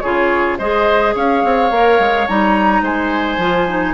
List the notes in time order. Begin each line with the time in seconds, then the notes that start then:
0.00 C#3 F4 G#4 C#5
0.58 G#3 G#4 C5 D#5
1.14 C#4 C#5 F5
1.44 C4
1.71 A#3 A#4
1.99 G#3
2.28 G3 D#4 A#5
2.81 G#3 C5 G#5
3.37 F3 F4
3.68 D#4